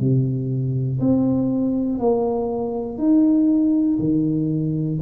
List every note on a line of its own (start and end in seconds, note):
0.00 1.00 C3
1.00 1.99 C4
1.99 2.98 A#3
2.98 3.98 D#4
4.00 5.00 D#3